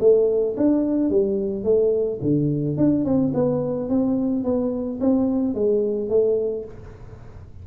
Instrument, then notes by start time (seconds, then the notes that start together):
tuba
0.00 A3
0.57 D4
1.10 G3
1.64 A3
2.22 D3
2.78 D4
3.05 C4
3.34 B3
3.89 C4
4.44 B3
5.01 C4
5.55 G#3
6.10 A3